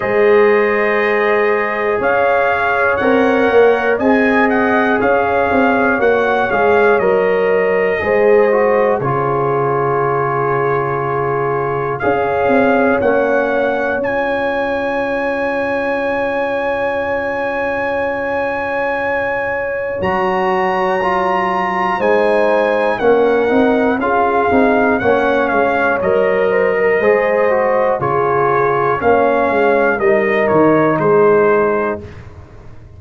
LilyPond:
<<
  \new Staff \with { instrumentName = "trumpet" } { \time 4/4 \tempo 4 = 60 dis''2 f''4 fis''4 | gis''8 fis''8 f''4 fis''8 f''8 dis''4~ | dis''4 cis''2. | f''4 fis''4 gis''2~ |
gis''1 | ais''2 gis''4 fis''4 | f''4 fis''8 f''8 dis''2 | cis''4 f''4 dis''8 cis''8 c''4 | }
  \new Staff \with { instrumentName = "horn" } { \time 4/4 c''2 cis''2 | dis''4 cis''2. | c''4 gis'2. | cis''1~ |
cis''1~ | cis''2 c''4 ais'4 | gis'4 cis''4. c''16 ais'16 c''4 | gis'4 cis''4 ais'4 gis'4 | }
  \new Staff \with { instrumentName = "trombone" } { \time 4/4 gis'2. ais'4 | gis'2 fis'8 gis'8 ais'4 | gis'8 fis'8 f'2. | gis'4 cis'4 f'2~ |
f'1 | fis'4 f'4 dis'4 cis'8 dis'8 | f'8 dis'8 cis'4 ais'4 gis'8 fis'8 | f'4 cis'4 dis'2 | }
  \new Staff \with { instrumentName = "tuba" } { \time 4/4 gis2 cis'4 c'8 ais8 | c'4 cis'8 c'8 ais8 gis8 fis4 | gis4 cis2. | cis'8 c'8 ais4 cis'2~ |
cis'1 | fis2 gis4 ais8 c'8 | cis'8 c'8 ais8 gis8 fis4 gis4 | cis4 ais8 gis8 g8 dis8 gis4 | }
>>